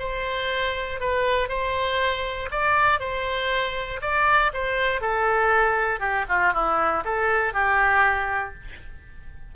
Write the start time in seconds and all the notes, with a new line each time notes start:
0.00 C5
1.01 B4
1.49 C5
2.51 D5
3.00 C5
4.02 D5
4.54 C5
5.02 A4
6.00 G4
6.29 F4
6.54 E4
7.05 A4
7.54 G4